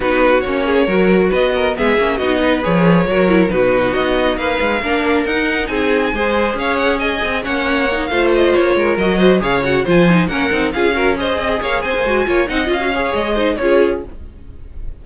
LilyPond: <<
  \new Staff \with { instrumentName = "violin" } { \time 4/4 \tempo 4 = 137 b'4 cis''2 dis''4 | e''4 dis''4 cis''2 | b'4 dis''4 f''2 | fis''4 gis''2 f''8 fis''8 |
gis''4 fis''4. f''8 dis''8 cis''8~ | cis''8 dis''4 f''8 fis''8 gis''4 fis''8~ | fis''8 f''4 dis''4 f''8 gis''4~ | gis''8 fis''8 f''4 dis''4 cis''4 | }
  \new Staff \with { instrumentName = "violin" } { \time 4/4 fis'4. gis'8 ais'4 b'8 ais'8 | gis'4 fis'8 b'4. ais'4 | fis'2 b'4 ais'4~ | ais'4 gis'4 c''4 cis''4 |
dis''4 cis''4. c''4. | ais'4 c''8 cis''4 c''4 ais'8~ | ais'8 gis'8 ais'8 c''8 dis''16 gis'16 cis''8 c''4 | cis''8 dis''4 cis''4 c''8 gis'4 | }
  \new Staff \with { instrumentName = "viola" } { \time 4/4 dis'4 cis'4 fis'2 | b8 cis'8 dis'4 gis'4 fis'8 e'8 | dis'2. d'4 | dis'2 gis'2~ |
gis'4 cis'4 dis'8 f'4.~ | f'8 fis'4 gis'8 fis'8 f'8 dis'8 cis'8 | dis'8 f'8 fis'8 gis'2 fis'8 | f'8 dis'8 f'16 fis'16 gis'4 dis'8 f'4 | }
  \new Staff \with { instrumentName = "cello" } { \time 4/4 b4 ais4 fis4 b4 | gis8 ais8 b4 f4 fis4 | b,4 b4 ais8 gis8 ais4 | dis'4 c'4 gis4 cis'4~ |
cis'8 c'8 ais4. a4 ais8 | gis8 fis4 cis4 f4 ais8 | c'8 cis'4. c'8 ais8 c'16 ais16 gis8 | ais8 c'8 cis'4 gis4 cis'4 | }
>>